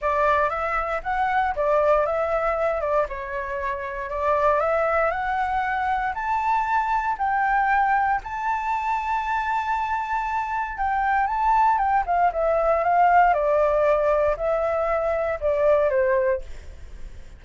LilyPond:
\new Staff \with { instrumentName = "flute" } { \time 4/4 \tempo 4 = 117 d''4 e''4 fis''4 d''4 | e''4. d''8 cis''2 | d''4 e''4 fis''2 | a''2 g''2 |
a''1~ | a''4 g''4 a''4 g''8 f''8 | e''4 f''4 d''2 | e''2 d''4 c''4 | }